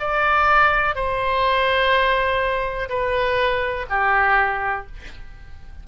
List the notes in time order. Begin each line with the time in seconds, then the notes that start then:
0.00 D5
0.95 C5
2.89 B4
3.90 G4